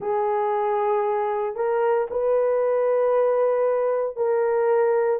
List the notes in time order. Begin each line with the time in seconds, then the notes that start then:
0.00 G#4
1.55 A#4
2.10 B4
4.16 A#4